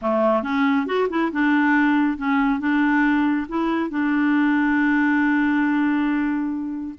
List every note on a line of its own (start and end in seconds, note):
0.01 0.42 A3
0.42 0.86 C#4
0.86 1.08 F#4
1.09 1.31 E4
1.31 2.17 D4
2.17 2.59 C#4
2.59 3.46 D4
3.48 3.90 E4
3.90 6.94 D4